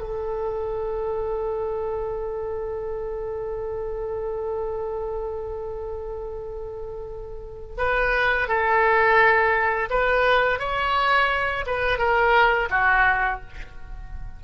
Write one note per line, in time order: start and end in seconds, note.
0.00 7.76 A4
7.77 8.48 B4
8.48 9.89 A4
9.90 10.59 B4
10.59 11.65 C#5
11.66 11.98 B4
11.98 12.69 A#4
12.70 13.41 F#4